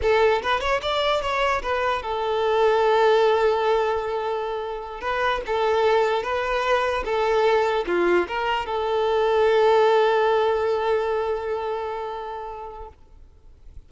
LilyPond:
\new Staff \with { instrumentName = "violin" } { \time 4/4 \tempo 4 = 149 a'4 b'8 cis''8 d''4 cis''4 | b'4 a'2.~ | a'1~ | a'8 b'4 a'2 b'8~ |
b'4. a'2 f'8~ | f'8 ais'4 a'2~ a'8~ | a'1~ | a'1 | }